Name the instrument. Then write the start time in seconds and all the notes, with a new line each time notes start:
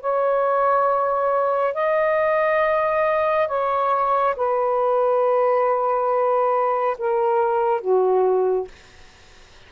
saxophone
0.00 C#5
1.74 D#5
3.47 C#5
4.36 B4
6.98 A#4
7.81 F#4